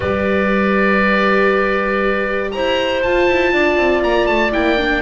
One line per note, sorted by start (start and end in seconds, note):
0.00 2.52 G3
0.00 3.01 G4
0.00 2.50 B4
0.00 2.51 D5
2.51 3.05 E4
2.51 3.53 C5
2.51 3.01 A#5
3.02 4.52 F4
3.02 3.28 F4
3.02 4.03 A5
3.28 3.52 E4
3.52 3.77 D4
3.52 5.02 D5
3.77 4.02 C4
4.02 4.27 A#3
4.02 4.26 A#5
4.26 4.53 A3
4.26 4.51 A5
4.52 5.02 A#3
4.52 4.77 E4
4.52 5.02 G5
4.77 5.02 D4